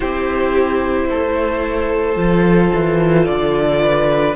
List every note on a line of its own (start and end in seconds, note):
0.00 1.09 C4
0.00 2.15 E4
0.00 1.06 G4
0.00 3.25 C5
1.09 2.15 A3
1.09 3.81 A4
2.15 2.70 F3
2.15 4.34 F4
2.74 3.28 E3
3.25 4.35 D3
3.25 4.35 D5
3.81 4.35 B4